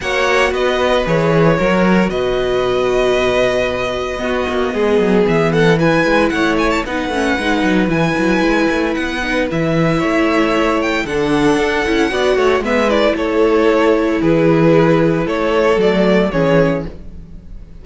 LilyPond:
<<
  \new Staff \with { instrumentName = "violin" } { \time 4/4 \tempo 4 = 114 fis''4 dis''4 cis''2 | dis''1~ | dis''2 e''8 fis''8 gis''4 | fis''8 gis''16 a''16 fis''2 gis''4~ |
gis''4 fis''4 e''2~ | e''8 g''8 fis''2. | e''8 d''8 cis''2 b'4~ | b'4 cis''4 d''4 cis''4 | }
  \new Staff \with { instrumentName = "violin" } { \time 4/4 cis''4 b'2 ais'4 | b'1 | fis'4 gis'4. a'8 b'4 | cis''4 b'2.~ |
b'2. cis''4~ | cis''4 a'2 d''8 cis''8 | b'4 a'2 gis'4~ | gis'4 a'2 gis'4 | }
  \new Staff \with { instrumentName = "viola" } { \time 4/4 fis'2 gis'4 fis'4~ | fis'1 | b2. e'4~ | e'4 dis'8 cis'8 dis'4 e'4~ |
e'4. dis'8 e'2~ | e'4 d'4. e'8 fis'4 | b8 e'2.~ e'8~ | e'2 a4 cis'4 | }
  \new Staff \with { instrumentName = "cello" } { \time 4/4 ais4 b4 e4 fis4 | b,1 | b8 ais8 gis8 fis8 e4. gis8 | a4 b8 a8 gis8 fis8 e8 fis8 |
gis8 a8 b4 e4 a4~ | a4 d4 d'8 cis'8 b8 a8 | gis4 a2 e4~ | e4 a4 fis4 e4 | }
>>